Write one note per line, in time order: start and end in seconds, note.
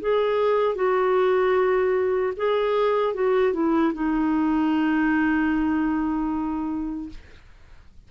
0.00 0.75 G#4
0.75 2.33 F#4
2.36 3.14 G#4
3.14 3.53 F#4
3.53 3.93 E4
3.93 7.09 D#4